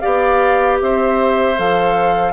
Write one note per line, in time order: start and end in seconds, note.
0.00 0.81 B3
0.00 1.56 G4
0.00 0.78 D5
0.00 0.77 F5
0.81 1.58 C4
0.81 2.33 C5
0.81 1.59 E5
1.57 2.33 F3
1.57 2.33 A4
1.57 2.33 F5